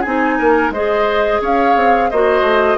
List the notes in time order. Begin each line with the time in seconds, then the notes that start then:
0.00 C4 D#4 G#4 G#5
0.39 A#3 A#4
0.70 G#3 G#4 C5 D#5
1.41 C#4 C#5 F5
1.76 C4
2.10 A#3 F#4 C5 D#5
2.41 A3